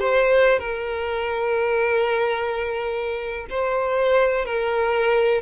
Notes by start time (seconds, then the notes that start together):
0.00 C5
0.59 A#4
3.50 C5
4.46 A#4